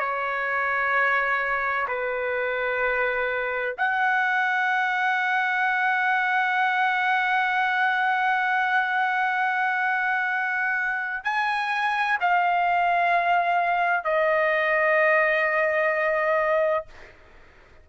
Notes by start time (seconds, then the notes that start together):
0.00 C#5
1.88 B4
3.78 F#5
11.25 G#5
12.21 F5
14.05 D#5